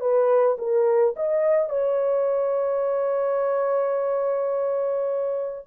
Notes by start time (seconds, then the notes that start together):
0.00 B4
0.58 A#4
1.16 D#5
1.70 C#5